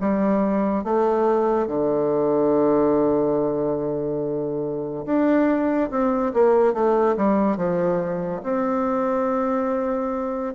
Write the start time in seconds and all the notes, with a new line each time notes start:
0.00 G3
0.83 A3
1.67 D3
5.05 D4
5.90 C4
6.33 A#3
6.73 A3
7.16 G3
7.56 F3
8.43 C4